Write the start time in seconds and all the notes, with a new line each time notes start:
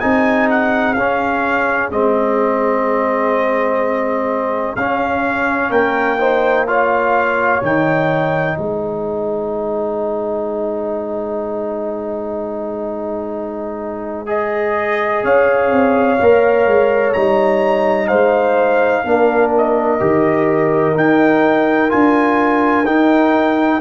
0.00 C4 D#4 G#4 G#5
0.50 F#5
0.93 C#4 F5
1.90 G#3 C4 D#5
4.76 C#4 F5
5.69 A#3 A#4 G5
6.19 D#4 C5
6.67 F4 C#5 F5
7.62 D#3 D#4 G5
8.56 G#3 C5 G#5
14.26 G#4 D#5
15.23 C#4 C#5 F5
15.71 C4
16.20 A#3 A#4
16.65 G#3
17.13 G3 D#4 A#5
18.07 G#3 C5 F5
19.04 A#3 D4 A#4
19.57 D#5
20.00 D#3 G4
20.94 D#4 G5
21.89 D4 F4 G#5
22.85 D#4 G5